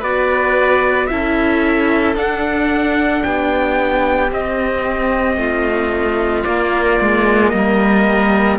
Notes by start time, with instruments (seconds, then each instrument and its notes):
0.00 cello B3, viola F#4, violin B4, trumpet D5
1.07 cello C#4, viola E4, violin A4, trumpet E5
2.15 cello D4, viola D4, trumpet F#5
3.23 cello B3, violin G4, trumpet G5
4.31 cello C4, viola C4, trumpet D#5
5.36 cello A3, violin F4
6.44 cello A#3, viola A#3, trumpet D5
7.01 cello G#3
7.49 cello G3, trumpet D#5
7.56 violin A#4